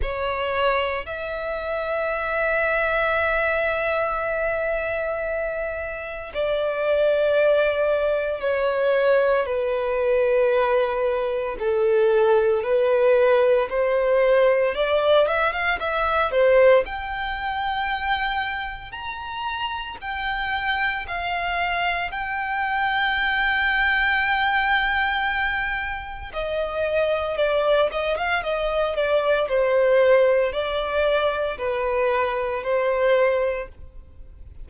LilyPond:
\new Staff \with { instrumentName = "violin" } { \time 4/4 \tempo 4 = 57 cis''4 e''2.~ | e''2 d''2 | cis''4 b'2 a'4 | b'4 c''4 d''8 e''16 f''16 e''8 c''8 |
g''2 ais''4 g''4 | f''4 g''2.~ | g''4 dis''4 d''8 dis''16 f''16 dis''8 d''8 | c''4 d''4 b'4 c''4 | }